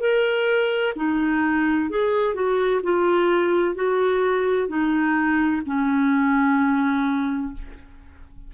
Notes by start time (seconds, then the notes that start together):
0.00 A#4
0.96 D#4
1.90 G#4
2.34 F#4
2.83 F4
3.75 F#4
4.68 D#4
5.66 C#4